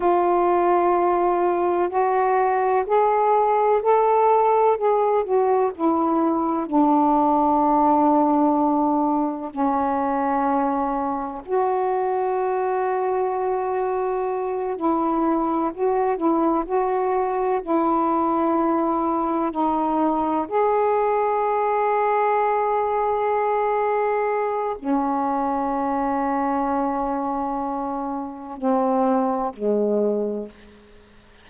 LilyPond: \new Staff \with { instrumentName = "saxophone" } { \time 4/4 \tempo 4 = 63 f'2 fis'4 gis'4 | a'4 gis'8 fis'8 e'4 d'4~ | d'2 cis'2 | fis'2.~ fis'8 e'8~ |
e'8 fis'8 e'8 fis'4 e'4.~ | e'8 dis'4 gis'2~ gis'8~ | gis'2 cis'2~ | cis'2 c'4 gis4 | }